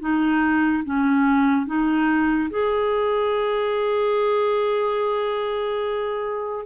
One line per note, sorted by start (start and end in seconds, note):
0.00 0.83 D#4
0.84 1.66 C#4
1.66 2.49 D#4
2.50 6.66 G#4